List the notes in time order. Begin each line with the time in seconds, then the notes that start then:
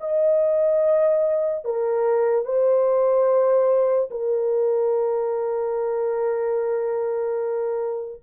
0.00 D#5
1.64 A#4
2.45 C5
4.11 A#4